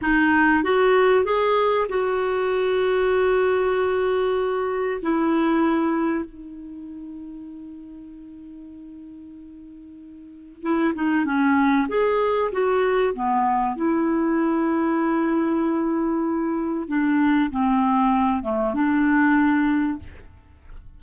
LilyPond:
\new Staff \with { instrumentName = "clarinet" } { \time 4/4 \tempo 4 = 96 dis'4 fis'4 gis'4 fis'4~ | fis'1 | e'2 dis'2~ | dis'1~ |
dis'4 e'8 dis'8 cis'4 gis'4 | fis'4 b4 e'2~ | e'2. d'4 | c'4. a8 d'2 | }